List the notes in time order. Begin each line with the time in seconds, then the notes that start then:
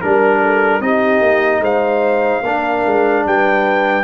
0.00 G3 D4 A#4
0.42 A4
0.80 C4 D#4 G4 D#5
1.21 A#3
1.60 G#3 C5 F5
2.43 A#3 D4 A#4
2.86 G#3
3.26 G3 B4 G5